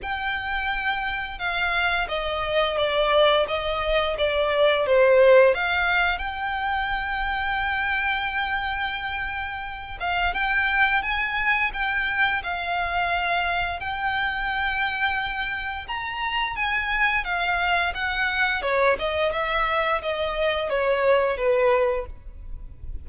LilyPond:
\new Staff \with { instrumentName = "violin" } { \time 4/4 \tempo 4 = 87 g''2 f''4 dis''4 | d''4 dis''4 d''4 c''4 | f''4 g''2.~ | g''2~ g''8 f''8 g''4 |
gis''4 g''4 f''2 | g''2. ais''4 | gis''4 f''4 fis''4 cis''8 dis''8 | e''4 dis''4 cis''4 b'4 | }